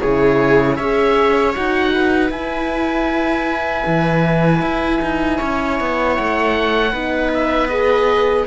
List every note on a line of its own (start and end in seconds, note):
0.00 0.79 C#3
0.00 0.80 E4
0.00 0.77 G#4
0.00 0.76 C#5
0.76 1.56 C#4
0.76 1.54 G#4
0.76 1.92 C#5
0.76 1.53 E5
1.54 2.30 D#4
1.54 2.30 F#4
1.54 2.32 F#5
1.94 5.38 B4
2.30 3.84 E4
2.30 6.92 E4
2.30 6.17 G#5
3.87 4.62 E3
4.62 5.01 E4
5.02 5.40 D#4
5.38 5.80 C#4
5.38 6.92 C#5
5.80 6.19 B3
6.17 6.93 A3
6.17 7.32 F#5
6.92 8.47 B3
6.92 7.70 D#4
6.92 8.45 B4
7.34 7.69 E5
7.69 8.47 G#4
7.69 8.46 D#5